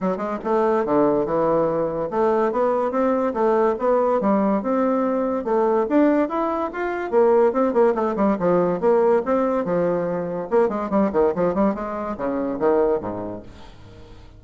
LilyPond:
\new Staff \with { instrumentName = "bassoon" } { \time 4/4 \tempo 4 = 143 fis8 gis8 a4 d4 e4~ | e4 a4 b4 c'4 | a4 b4 g4 c'4~ | c'4 a4 d'4 e'4 |
f'4 ais4 c'8 ais8 a8 g8 | f4 ais4 c'4 f4~ | f4 ais8 gis8 g8 dis8 f8 g8 | gis4 cis4 dis4 gis,4 | }